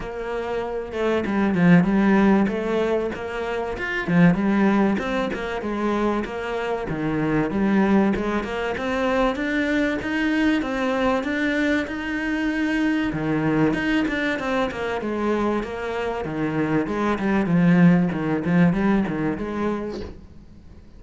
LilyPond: \new Staff \with { instrumentName = "cello" } { \time 4/4 \tempo 4 = 96 ais4. a8 g8 f8 g4 | a4 ais4 f'8 f8 g4 | c'8 ais8 gis4 ais4 dis4 | g4 gis8 ais8 c'4 d'4 |
dis'4 c'4 d'4 dis'4~ | dis'4 dis4 dis'8 d'8 c'8 ais8 | gis4 ais4 dis4 gis8 g8 | f4 dis8 f8 g8 dis8 gis4 | }